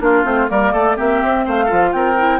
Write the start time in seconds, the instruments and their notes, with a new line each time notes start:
0.00 bassoon A#3, clarinet D4, oboe F4, flute A#4
0.25 bassoon A3, clarinet C4, flute C5
0.48 bassoon G3, clarinet A#3, oboe A#4, flute D5
0.73 bassoon A3, oboe A4
0.96 bassoon A#3, clarinet C4, oboe G4, flute E5
1.23 bassoon C4
1.46 bassoon A3, oboe C5, flute F5
1.65 clarinet F4, oboe A4
1.72 bassoon F3
1.93 bassoon C4, oboe A#4, flute G5
2.18 clarinet E4